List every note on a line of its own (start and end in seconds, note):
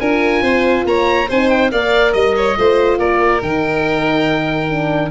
0.00 0.42 D4
0.00 1.29 F4
0.00 0.43 A#4
0.00 0.85 G#5
0.42 0.84 C4
0.42 0.85 C5
0.86 1.28 A#3
0.86 1.28 C#5
0.86 1.30 A#5
1.28 1.72 C4
1.28 1.71 D#4
1.28 1.71 C5
1.28 1.49 G#5
1.49 1.71 G5
1.71 2.14 A#3
1.71 2.56 A#4
1.71 2.14 D5
1.71 2.13 F5
2.13 2.57 G3
2.13 2.98 D#5
2.13 2.35 D#5
2.37 2.58 C#5
2.58 2.99 A3
2.58 3.42 F4
2.58 2.99 C5
2.99 3.42 A#3
2.99 5.11 A#4
2.99 3.42 D5
3.42 5.11 D#3
3.42 4.69 D#4
3.42 5.11 G5
4.69 5.11 D4